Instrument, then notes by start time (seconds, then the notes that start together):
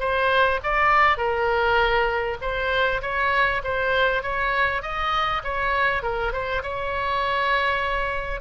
oboe
0.00 C5
0.64 D5
1.18 A#4
2.42 C5
3.02 C#5
3.64 C5
4.23 C#5
4.82 D#5
5.44 C#5
6.03 A#4
6.33 C5
6.63 C#5